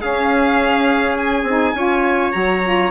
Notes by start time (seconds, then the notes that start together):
0.00 C#4 G#4 F5
1.18 G#5
1.43 C4 D#4
1.74 C#4 F4 C#5
2.32 F#3 F#4 A#5
2.63 F4